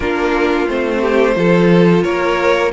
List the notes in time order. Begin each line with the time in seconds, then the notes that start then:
0.00 A#3 D4 F4 A#4
0.67 A3 C4 C5
1.00 G4
1.34 F3 F4 A4
2.03 A#3 A#4 C#5